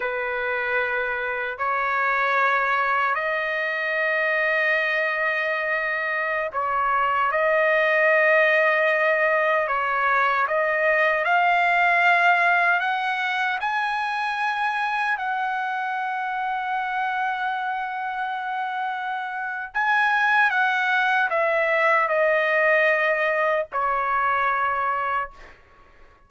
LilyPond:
\new Staff \with { instrumentName = "trumpet" } { \time 4/4 \tempo 4 = 76 b'2 cis''2 | dis''1~ | dis''16 cis''4 dis''2~ dis''8.~ | dis''16 cis''4 dis''4 f''4.~ f''16~ |
f''16 fis''4 gis''2 fis''8.~ | fis''1~ | fis''4 gis''4 fis''4 e''4 | dis''2 cis''2 | }